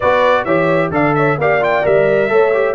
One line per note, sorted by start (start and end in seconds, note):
0.00 0.45 B3
0.00 0.47 F#4
0.00 0.44 B4
0.00 0.44 D5
0.44 0.90 E3
0.44 0.91 G4
0.44 0.91 C#5
0.44 0.90 E5
0.90 1.37 D3
0.90 1.37 A4
0.90 1.16 D5
0.90 1.14 F5
1.14 1.39 C#5
1.14 1.37 E5
1.37 1.84 A#3
1.37 1.60 G4
1.37 2.31 D5
1.37 1.63 F5
1.60 1.82 F4
1.60 1.86 G5
1.82 2.30 G3
1.82 2.28 A#4
1.82 2.75 E5
2.29 2.75 A3
2.29 2.52 A4
2.29 2.75 C#5
2.53 2.75 G4